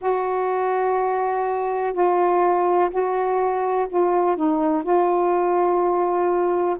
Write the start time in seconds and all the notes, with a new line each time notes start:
0.01 F#4
1.93 F4
2.90 F#4
3.89 F4
4.36 D#4
4.83 F4